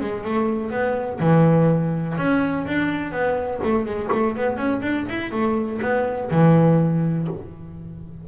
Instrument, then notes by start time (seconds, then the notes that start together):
double bass
0.00 G#3
0.24 A3
0.70 B3
1.20 E3
2.18 C#4
2.67 D4
3.11 B3
3.63 A3
3.85 G#3
4.12 A3
4.36 B3
4.57 C#4
4.81 D4
5.09 E4
5.31 A3
5.82 B3
6.31 E3